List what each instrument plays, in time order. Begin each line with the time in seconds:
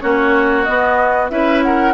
0.00 bassoon A#3, clarinet C#4, oboe F#4, flute C#5
0.63 clarinet B3, bassoon B3, flute D#5
1.29 bassoon C#4, clarinet E4, oboe B4, flute E5
1.62 oboe A#4, flute F#5